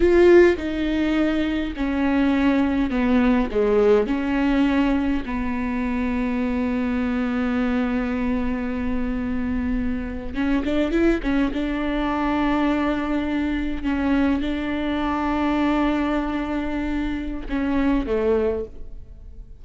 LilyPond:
\new Staff \with { instrumentName = "viola" } { \time 4/4 \tempo 4 = 103 f'4 dis'2 cis'4~ | cis'4 b4 gis4 cis'4~ | cis'4 b2.~ | b1~ |
b4.~ b16 cis'8 d'8 e'8 cis'8 d'16~ | d'2.~ d'8. cis'16~ | cis'8. d'2.~ d'16~ | d'2 cis'4 a4 | }